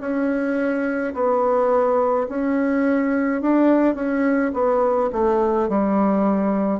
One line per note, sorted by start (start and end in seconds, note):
0.00 1.13 C#4
1.14 2.27 B3
2.28 3.41 C#4
3.41 3.95 D4
3.95 4.51 C#4
4.53 5.10 B3
5.12 5.69 A3
5.69 6.79 G3